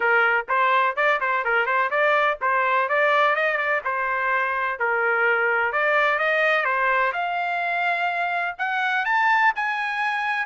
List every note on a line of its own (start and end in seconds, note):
0.00 0.46 A#4
0.48 0.95 C5
0.96 1.19 D5
1.20 1.44 C5
1.44 1.66 A#4
1.66 1.90 C5
1.90 2.38 D5
2.41 2.88 C5
2.88 3.35 D5
3.35 3.57 D#5
3.57 3.81 D5
3.84 4.79 C5
4.79 5.72 A#4
5.72 6.19 D5
6.19 6.64 D#5
6.64 7.12 C5
7.13 8.55 F5
8.58 9.05 F#5
9.05 9.52 A5
9.55 10.46 G#5